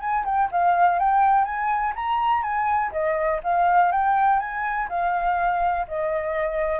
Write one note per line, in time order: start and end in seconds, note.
0.00 0.24 G#5
0.25 0.49 G5
0.51 0.99 F5
0.99 1.44 G5
1.44 1.93 G#5
1.95 2.42 A#5
2.42 2.91 G#5
2.92 3.40 D#5
3.43 3.92 F5
3.92 4.39 G5
4.39 4.88 G#5
4.89 5.86 F5
5.88 6.79 D#5